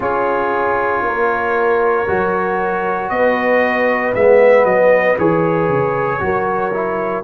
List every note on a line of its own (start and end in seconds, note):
0.00 1.02 C#4
0.00 2.07 F4
0.00 1.03 G#4
0.00 3.09 C#5
1.02 2.05 A#3
1.02 3.12 A#4
2.07 3.10 F#3
2.07 4.14 F#4
3.09 4.14 B3
3.09 6.23 B4
3.09 4.13 D#5
4.14 4.64 G#3
4.14 5.18 B3
4.14 4.65 E5
4.64 5.16 F#3
4.64 5.16 D#5
5.18 5.69 E3
5.18 6.19 G#4
5.18 7.23 C#5
5.69 6.20 C#3
6.19 7.23 F#3
6.19 6.71 F#4
6.19 7.23 A#4
6.73 7.23 E4